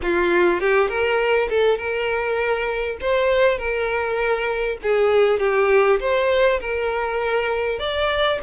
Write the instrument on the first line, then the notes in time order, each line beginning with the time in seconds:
violin
0.02 F4
0.60 G4
0.88 A#4
1.49 A4
1.77 A#4
3.00 C5
3.58 A#4
4.82 G#4
5.39 G4
6.00 C5
6.60 A#4
7.79 D5